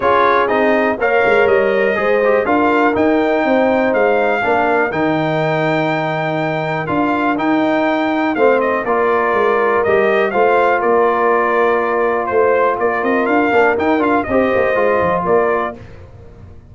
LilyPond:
<<
  \new Staff \with { instrumentName = "trumpet" } { \time 4/4 \tempo 4 = 122 cis''4 dis''4 f''4 dis''4~ | dis''4 f''4 g''2 | f''2 g''2~ | g''2 f''4 g''4~ |
g''4 f''8 dis''8 d''2 | dis''4 f''4 d''2~ | d''4 c''4 d''8 dis''8 f''4 | g''8 f''8 dis''2 d''4 | }
  \new Staff \with { instrumentName = "horn" } { \time 4/4 gis'2 cis''2 | c''4 ais'2 c''4~ | c''4 ais'2.~ | ais'1~ |
ais'4 c''4 ais'2~ | ais'4 c''4 ais'2~ | ais'4 c''4 ais'2~ | ais'4 c''2 ais'4 | }
  \new Staff \with { instrumentName = "trombone" } { \time 4/4 f'4 dis'4 ais'2 | gis'8 g'8 f'4 dis'2~ | dis'4 d'4 dis'2~ | dis'2 f'4 dis'4~ |
dis'4 c'4 f'2 | g'4 f'2.~ | f'2.~ f'8 d'8 | dis'8 f'8 g'4 f'2 | }
  \new Staff \with { instrumentName = "tuba" } { \time 4/4 cis'4 c'4 ais8 gis8 g4 | gis4 d'4 dis'4 c'4 | gis4 ais4 dis2~ | dis2 d'4 dis'4~ |
dis'4 a4 ais4 gis4 | g4 a4 ais2~ | ais4 a4 ais8 c'8 d'8 ais8 | dis'8 d'8 c'8 ais8 gis8 f8 ais4 | }
>>